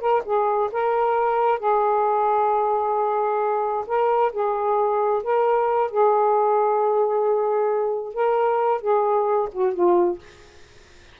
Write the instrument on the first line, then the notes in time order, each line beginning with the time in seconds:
saxophone
0.00 A#4
0.25 G#4
0.72 A#4
1.59 G#4
3.87 A#4
4.32 G#4
5.23 A#4
5.91 G#4
8.14 A#4
8.81 G#4
9.52 F#4
9.74 F4